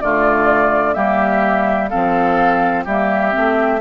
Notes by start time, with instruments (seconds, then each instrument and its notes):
0.00 bassoon D3, clarinet A3, oboe F4, flute D5
0.93 bassoon G3, clarinet A#3, oboe G4, flute E5
1.89 bassoon F3, clarinet C4, oboe A4, flute F5
2.84 bassoon G3, clarinet A#3, oboe G4, flute E5
3.31 bassoon A3, clarinet C4